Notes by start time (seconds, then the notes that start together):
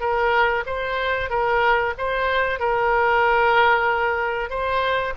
0.00 A#4
0.66 C5
1.30 A#4
1.98 C5
2.59 A#4
4.50 C5